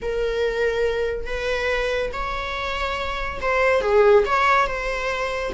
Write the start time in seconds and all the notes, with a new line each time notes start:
0.02 A#4
1.26 B4
2.13 C#5
3.41 C5
3.81 G#4
4.25 C#5
4.67 C5